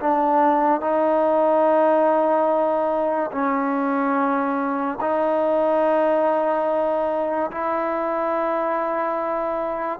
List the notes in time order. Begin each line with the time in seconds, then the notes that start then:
0.00 D4
0.81 D#4
3.31 C#4
5.00 D#4
7.51 E4